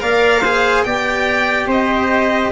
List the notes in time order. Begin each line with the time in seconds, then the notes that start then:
0.00 A#3 A#4 D5 F5
0.42 G#4 C5
0.83 B3 G4 D5 G5
1.66 C4 C5 D#5